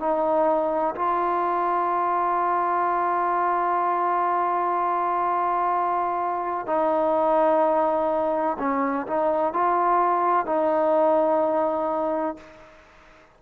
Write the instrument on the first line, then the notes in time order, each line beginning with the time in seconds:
trombone
0.00 D#4
0.96 F4
6.67 D#4
8.59 C#4
9.07 D#4
9.54 F4
10.47 D#4